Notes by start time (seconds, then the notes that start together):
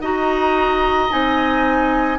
0.00 D#4 F#4 D#5 A#5
1.10 C4 D#4 G#5